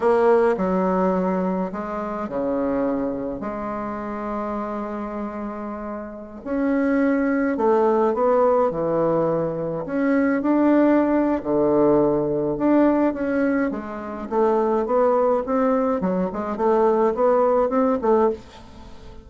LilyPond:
\new Staff \with { instrumentName = "bassoon" } { \time 4/4 \tempo 4 = 105 ais4 fis2 gis4 | cis2 gis2~ | gis2.~ gis16 cis'8.~ | cis'4~ cis'16 a4 b4 e8.~ |
e4~ e16 cis'4 d'4.~ d'16 | d2 d'4 cis'4 | gis4 a4 b4 c'4 | fis8 gis8 a4 b4 c'8 a8 | }